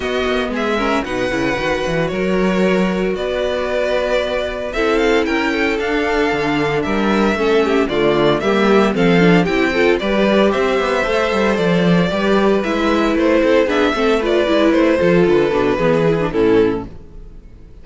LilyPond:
<<
  \new Staff \with { instrumentName = "violin" } { \time 4/4 \tempo 4 = 114 dis''4 e''4 fis''2 | cis''2 d''2~ | d''4 e''8 f''8 g''4 f''4~ | f''4 e''2 d''4 |
e''4 f''4 g''4 d''4 | e''2 d''2 | e''4 c''4 e''4 d''4 | c''4 b'2 a'4 | }
  \new Staff \with { instrumentName = "violin" } { \time 4/4 fis'4 gis'8 ais'8 b'2 | ais'2 b'2~ | b'4 a'4 ais'8 a'4.~ | a'4 ais'4 a'8 g'8 f'4 |
g'4 a'4 g'8 a'8 b'4 | c''2. b'4~ | b'4. a'8 gis'8 a'8 b'4~ | b'8 a'4. gis'4 e'4 | }
  \new Staff \with { instrumentName = "viola" } { \time 4/4 b4. cis'8 dis'8 e'8 fis'4~ | fis'1~ | fis'4 e'2 d'4~ | d'2 cis'4 a4 |
ais4 c'8 d'8 e'8 f'8 g'4~ | g'4 a'2 g'4 | e'2 d'8 c'8 f'8 e'8~ | e'8 f'4 d'8 b8 e'16 d'16 cis'4 | }
  \new Staff \with { instrumentName = "cello" } { \time 4/4 b8 ais8 gis4 b,8 cis8 dis8 e8 | fis2 b2~ | b4 c'4 cis'4 d'4 | d4 g4 a4 d4 |
g4 f4 c'4 g4 | c'8 b8 a8 g8 f4 g4 | gis4 a8 c'8 b8 a4 gis8 | a8 f8 d8 b,8 e4 a,4 | }
>>